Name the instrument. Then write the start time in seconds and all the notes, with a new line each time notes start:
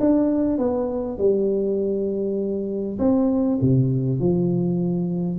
tuba
0.00 D4
0.58 B3
1.18 G3
2.99 C4
3.61 C3
4.20 F3